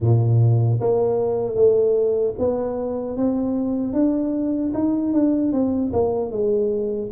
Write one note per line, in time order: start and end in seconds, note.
0.00 0.79 A#2
0.80 1.55 A#3
1.55 2.34 A3
2.38 3.17 B3
3.17 3.93 C4
3.93 4.72 D4
4.74 5.13 D#4
5.13 5.52 D4
5.52 5.92 C4
5.92 6.31 A#3
6.31 7.10 G#3